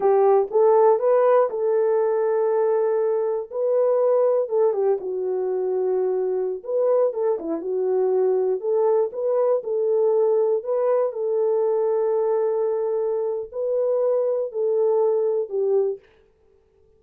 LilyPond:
\new Staff \with { instrumentName = "horn" } { \time 4/4 \tempo 4 = 120 g'4 a'4 b'4 a'4~ | a'2. b'4~ | b'4 a'8 g'8 fis'2~ | fis'4~ fis'16 b'4 a'8 e'8 fis'8.~ |
fis'4~ fis'16 a'4 b'4 a'8.~ | a'4~ a'16 b'4 a'4.~ a'16~ | a'2. b'4~ | b'4 a'2 g'4 | }